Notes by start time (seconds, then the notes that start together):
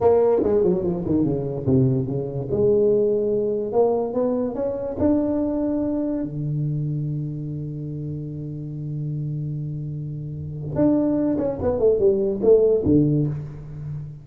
0.00 A#3
0.43 G#3
0.63 F#3
0.83 F3
1.05 D#3
1.24 C#3
1.66 C3
2.07 C#3
2.51 G#3
3.72 A#3
4.13 B3
4.55 C#4
4.99 D4
6.23 D3
10.75 D4
11.37 C#4
11.62 B3
11.79 A3
11.99 G3
12.42 A3
12.85 D3